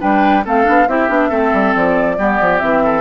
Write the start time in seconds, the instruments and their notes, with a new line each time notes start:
0.00 bassoon G3, clarinet D4, oboe B4, flute G5
0.45 bassoon A3, clarinet C4, oboe A4, flute F5
0.64 bassoon B3, clarinet D4
0.88 bassoon C4, clarinet E4, oboe G4, flute E5
1.09 bassoon B3, clarinet D4
1.29 bassoon A3, clarinet C4, oboe A4
1.53 bassoon G3
1.76 bassoon F3, flute D5
2.18 bassoon G3, clarinet B3, oboe G4
2.41 bassoon F3
2.59 bassoon E3, clarinet C4, flute E5
2.84 oboe A4